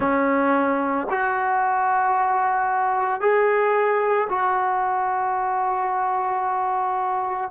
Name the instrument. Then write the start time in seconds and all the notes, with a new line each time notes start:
trombone
0.00 C#4
1.10 F#4
3.20 G#4
4.29 F#4